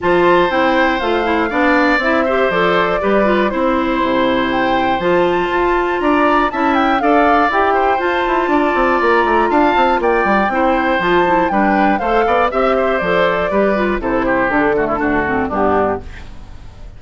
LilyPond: <<
  \new Staff \with { instrumentName = "flute" } { \time 4/4 \tempo 4 = 120 a''4 g''4 f''2 | e''4 d''2 c''4~ | c''4 g''4 a''2 | ais''4 a''8 g''8 f''4 g''4 |
a''2 ais''4 a''4 | g''2 a''4 g''4 | f''4 e''4 d''2 | c''4 a'2 g'4 | }
  \new Staff \with { instrumentName = "oboe" } { \time 4/4 c''2. d''4~ | d''8 c''4. b'4 c''4~ | c''1 | d''4 e''4 d''4. c''8~ |
c''4 d''2 f''4 | d''4 c''2 b'4 | c''8 d''8 e''8 c''4. b'4 | a'8 g'4 fis'16 e'16 fis'4 d'4 | }
  \new Staff \with { instrumentName = "clarinet" } { \time 4/4 f'4 e'4 f'8 e'8 d'4 | e'8 g'8 a'4 g'8 f'8 e'4~ | e'2 f'2~ | f'4 e'4 a'4 g'4 |
f'1~ | f'4 e'4 f'8 e'8 d'4 | a'4 g'4 a'4 g'8 f'8 | e'4 d'8 a8 d'8 c'8 b4 | }
  \new Staff \with { instrumentName = "bassoon" } { \time 4/4 f4 c'4 a4 b4 | c'4 f4 g4 c'4 | c2 f4 f'4 | d'4 cis'4 d'4 e'4 |
f'8 e'8 d'8 c'8 ais8 a8 d'8 c'8 | ais8 g8 c'4 f4 g4 | a8 b8 c'4 f4 g4 | c4 d4 d,4 g,4 | }
>>